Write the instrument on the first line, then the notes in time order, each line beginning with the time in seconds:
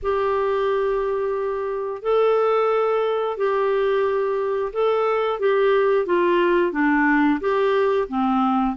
clarinet
0.02 G4
2.02 A4
3.37 G4
4.73 A4
5.39 G4
6.06 F4
6.72 D4
7.40 G4
8.08 C4